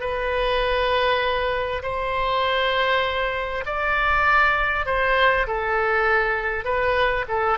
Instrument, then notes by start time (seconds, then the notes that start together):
oboe
0.00 B4
1.82 C5
3.65 D5
4.85 C5
5.47 A4
6.64 B4
7.28 A4